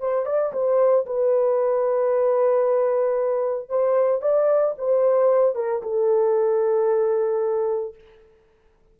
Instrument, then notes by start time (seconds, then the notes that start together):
horn
0.00 C5
0.26 D5
0.53 C5
1.06 B4
3.69 C5
4.21 D5
4.78 C5
5.55 A#4
5.83 A4